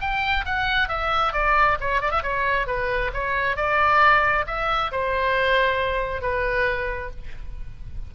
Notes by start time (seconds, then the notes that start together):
0.00 G5
0.45 F#5
0.88 E5
1.33 D5
1.80 C#5
2.01 D5
2.11 E5
2.22 C#5
2.66 B4
3.13 C#5
3.56 D5
4.47 E5
4.91 C5
6.21 B4